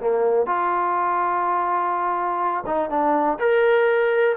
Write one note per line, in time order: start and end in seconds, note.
0.00 0.46 A#3
0.46 2.64 F4
2.66 2.90 D#4
2.90 3.38 D4
3.39 4.36 A#4